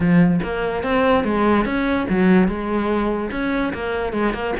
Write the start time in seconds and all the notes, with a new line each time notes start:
0.00 F3
0.43 A#3
0.83 C4
1.24 G#3
1.65 C#4
2.09 F#3
2.47 G#3
3.31 C#4
3.73 A#3
4.12 G#3
4.33 A#3